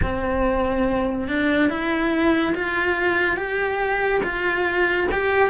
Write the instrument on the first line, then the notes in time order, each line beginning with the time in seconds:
cello
0.02 C4
1.28 D4
1.69 E4
2.55 F4
3.36 G4
4.23 F4
5.11 G4